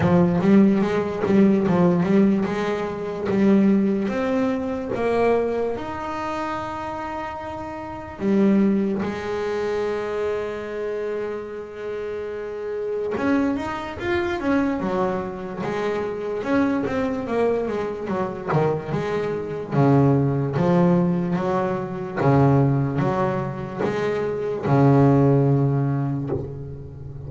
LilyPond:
\new Staff \with { instrumentName = "double bass" } { \time 4/4 \tempo 4 = 73 f8 g8 gis8 g8 f8 g8 gis4 | g4 c'4 ais4 dis'4~ | dis'2 g4 gis4~ | gis1 |
cis'8 dis'8 f'8 cis'8 fis4 gis4 | cis'8 c'8 ais8 gis8 fis8 dis8 gis4 | cis4 f4 fis4 cis4 | fis4 gis4 cis2 | }